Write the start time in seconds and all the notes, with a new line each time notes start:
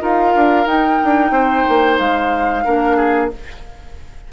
0.00 D#4 F4 A#4 F5
0.35 D4
0.66 D#4 G5
1.04 D4
1.31 C4 C5
1.69 A#3
1.98 G#3 F5
2.65 A#3 D4 A#4
2.97 G#4